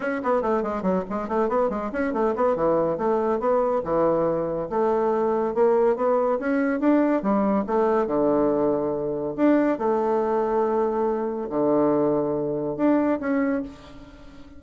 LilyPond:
\new Staff \with { instrumentName = "bassoon" } { \time 4/4 \tempo 4 = 141 cis'8 b8 a8 gis8 fis8 gis8 a8 b8 | gis8 cis'8 a8 b8 e4 a4 | b4 e2 a4~ | a4 ais4 b4 cis'4 |
d'4 g4 a4 d4~ | d2 d'4 a4~ | a2. d4~ | d2 d'4 cis'4 | }